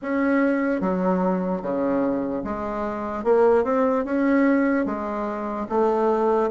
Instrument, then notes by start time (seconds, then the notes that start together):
bassoon
0.01 C#4
0.81 F#3
1.61 C#3
2.44 G#3
3.24 A#3
3.64 C4
4.04 C#4
4.85 G#3
5.69 A3